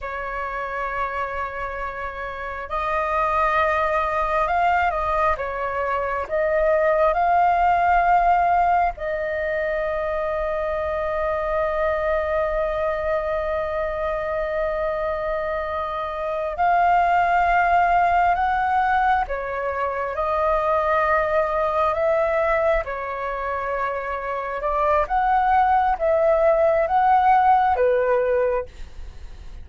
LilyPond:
\new Staff \with { instrumentName = "flute" } { \time 4/4 \tempo 4 = 67 cis''2. dis''4~ | dis''4 f''8 dis''8 cis''4 dis''4 | f''2 dis''2~ | dis''1~ |
dis''2~ dis''8 f''4.~ | f''8 fis''4 cis''4 dis''4.~ | dis''8 e''4 cis''2 d''8 | fis''4 e''4 fis''4 b'4 | }